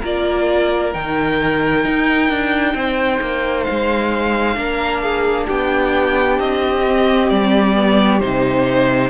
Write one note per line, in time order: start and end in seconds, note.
0.00 0.94 A#3
0.00 0.93 F4
0.00 2.73 A#4
0.00 0.93 D5
0.93 1.85 D#3
0.93 4.54 D#4
0.93 3.63 G5
1.85 2.29 D#4
2.29 2.74 D4
2.74 3.19 C4
2.74 4.56 C5
3.20 3.66 A#3
3.63 5.45 F5
3.69 4.56 G#3
4.54 5.47 A#3
4.54 6.82 D4
4.54 5.02 A#4
5.02 5.46 G#4
5.46 6.39 B3
5.46 9.09 G4
5.46 6.39 G5
6.39 7.30 C4
6.39 7.29 D#5
6.87 7.74 C4
7.29 8.21 G3
7.29 8.19 D5
7.74 8.20 B3
8.19 9.09 C3
8.19 9.09 D#4
8.19 9.09 C5